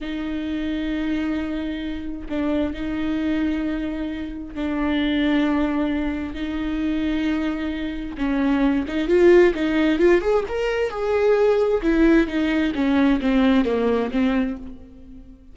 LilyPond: \new Staff \with { instrumentName = "viola" } { \time 4/4 \tempo 4 = 132 dis'1~ | dis'4 d'4 dis'2~ | dis'2 d'2~ | d'2 dis'2~ |
dis'2 cis'4. dis'8 | f'4 dis'4 f'8 gis'8 ais'4 | gis'2 e'4 dis'4 | cis'4 c'4 ais4 c'4 | }